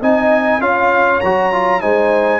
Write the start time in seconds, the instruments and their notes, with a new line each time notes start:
0.00 tuba C4, trombone D#4, horn D#5, trumpet G#5
0.60 tuba C#4, trombone F4, horn C#5, trumpet F5
1.20 tuba F#3, trombone F#4, trumpet A#5
1.52 trombone F4
1.81 tuba G#3, trombone D#4, horn C5, trumpet G#5